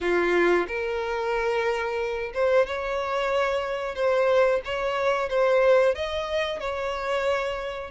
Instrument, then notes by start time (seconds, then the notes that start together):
violin
0.01 F4
0.67 A#4
2.34 C5
2.66 C#5
3.95 C5
4.65 C#5
5.29 C5
5.95 D#5
6.59 C#5